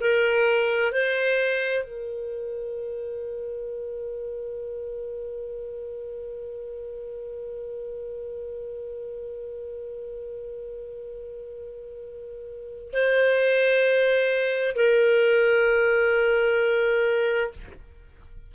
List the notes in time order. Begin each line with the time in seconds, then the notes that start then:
0.00 A#4
0.92 C5
1.83 A#4
12.92 C5
14.75 A#4